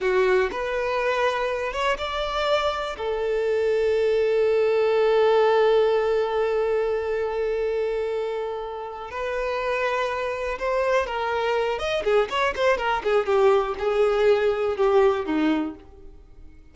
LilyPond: \new Staff \with { instrumentName = "violin" } { \time 4/4 \tempo 4 = 122 fis'4 b'2~ b'8 cis''8 | d''2 a'2~ | a'1~ | a'1~ |
a'2~ a'8 b'4.~ | b'4. c''4 ais'4. | dis''8 gis'8 cis''8 c''8 ais'8 gis'8 g'4 | gis'2 g'4 dis'4 | }